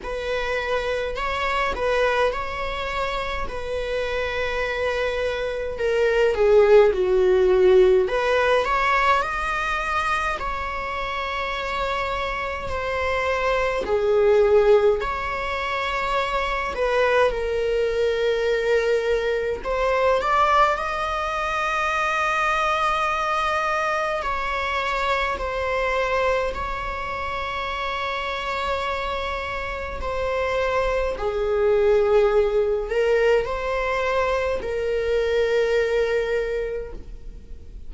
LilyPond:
\new Staff \with { instrumentName = "viola" } { \time 4/4 \tempo 4 = 52 b'4 cis''8 b'8 cis''4 b'4~ | b'4 ais'8 gis'8 fis'4 b'8 cis''8 | dis''4 cis''2 c''4 | gis'4 cis''4. b'8 ais'4~ |
ais'4 c''8 d''8 dis''2~ | dis''4 cis''4 c''4 cis''4~ | cis''2 c''4 gis'4~ | gis'8 ais'8 c''4 ais'2 | }